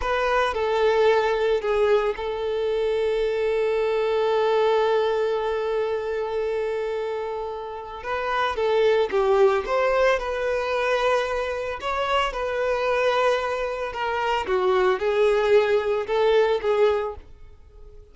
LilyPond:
\new Staff \with { instrumentName = "violin" } { \time 4/4 \tempo 4 = 112 b'4 a'2 gis'4 | a'1~ | a'1~ | a'2. b'4 |
a'4 g'4 c''4 b'4~ | b'2 cis''4 b'4~ | b'2 ais'4 fis'4 | gis'2 a'4 gis'4 | }